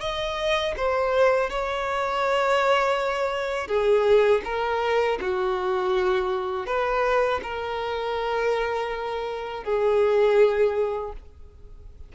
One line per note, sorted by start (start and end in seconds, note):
0.00 0.74 D#5
0.77 1.49 C5
1.49 3.67 C#5
3.67 4.41 G#4
4.44 5.18 A#4
5.20 6.66 F#4
6.66 7.40 B4
7.42 9.64 A#4
9.64 11.12 G#4